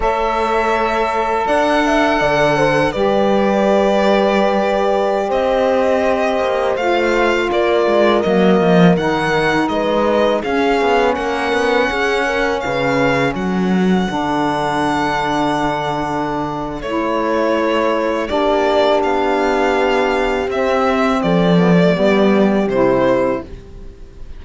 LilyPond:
<<
  \new Staff \with { instrumentName = "violin" } { \time 4/4 \tempo 4 = 82 e''2 fis''2 | d''2.~ d''16 dis''8.~ | dis''4~ dis''16 f''4 d''4 dis''8.~ | dis''16 fis''4 dis''4 f''4 fis''8.~ |
fis''4~ fis''16 f''4 fis''4.~ fis''16~ | fis''2. cis''4~ | cis''4 d''4 f''2 | e''4 d''2 c''4 | }
  \new Staff \with { instrumentName = "horn" } { \time 4/4 cis''2 d''8 e''8 d''8 c''8 | b'2.~ b'16 c''8.~ | c''2~ c''16 ais'4.~ ais'16~ | ais'4~ ais'16 b'4 gis'4 ais'8.~ |
ais'16 gis'8 ais'8 b'4 a'4.~ a'16~ | a'1~ | a'4 g'2.~ | g'4 a'4 g'2 | }
  \new Staff \with { instrumentName = "saxophone" } { \time 4/4 a'1 | g'1~ | g'4~ g'16 f'2 ais8.~ | ais16 dis'2 cis'4.~ cis'16~ |
cis'2.~ cis'16 d'8.~ | d'2. e'4~ | e'4 d'2. | c'4. b16 a16 b4 e'4 | }
  \new Staff \with { instrumentName = "cello" } { \time 4/4 a2 d'4 d4 | g2.~ g16 c'8.~ | c'8. ais8 a4 ais8 gis8 fis8 f16~ | f16 dis4 gis4 cis'8 b8 ais8 b16~ |
b16 cis'4 cis4 fis4 d8.~ | d2. a4~ | a4 ais4 b2 | c'4 f4 g4 c4 | }
>>